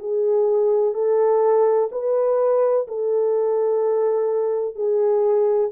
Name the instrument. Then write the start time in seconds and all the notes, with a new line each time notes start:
horn
0.00 G#4
0.94 A4
1.92 B4
2.88 A4
4.76 G#4